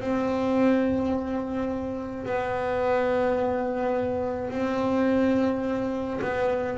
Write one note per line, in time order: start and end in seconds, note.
0.00 2.25 C4
2.25 4.50 B3
4.50 6.20 C4
6.21 6.78 B3